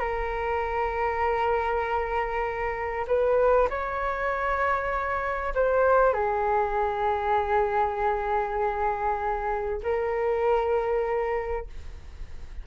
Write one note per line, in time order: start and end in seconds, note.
0.00 3.06 A#4
3.08 3.69 B4
3.70 5.54 C#5
5.55 6.14 C5
6.14 9.81 G#4
9.83 11.67 A#4